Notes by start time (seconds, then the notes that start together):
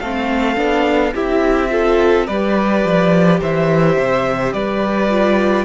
0.00 A3 C4 A4 F5
0.57 B3 D4
1.15 C4 E4 G4 E5
1.70 F4 A4
2.27 G3 G4 B4 D5
2.85 F3
3.41 E3 C5 E5
3.97 C3
4.53 G3 B4 D5
5.10 F4